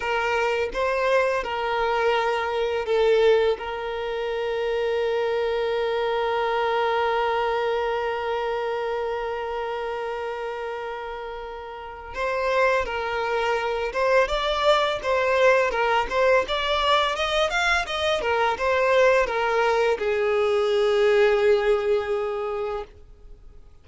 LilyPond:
\new Staff \with { instrumentName = "violin" } { \time 4/4 \tempo 4 = 84 ais'4 c''4 ais'2 | a'4 ais'2.~ | ais'1~ | ais'1~ |
ais'4 c''4 ais'4. c''8 | d''4 c''4 ais'8 c''8 d''4 | dis''8 f''8 dis''8 ais'8 c''4 ais'4 | gis'1 | }